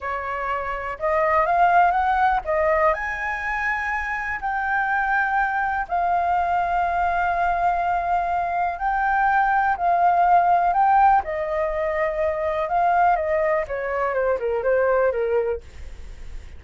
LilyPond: \new Staff \with { instrumentName = "flute" } { \time 4/4 \tempo 4 = 123 cis''2 dis''4 f''4 | fis''4 dis''4 gis''2~ | gis''4 g''2. | f''1~ |
f''2 g''2 | f''2 g''4 dis''4~ | dis''2 f''4 dis''4 | cis''4 c''8 ais'8 c''4 ais'4 | }